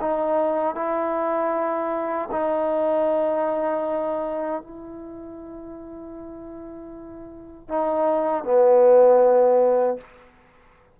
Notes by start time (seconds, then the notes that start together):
0.00 D#4
0.74 E4
2.31 D#4
4.62 E4
7.68 D#4
8.44 B3